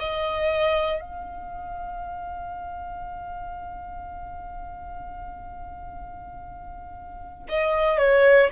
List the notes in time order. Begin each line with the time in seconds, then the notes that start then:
0.00 D#5
1.01 F5
7.49 D#5
7.98 C#5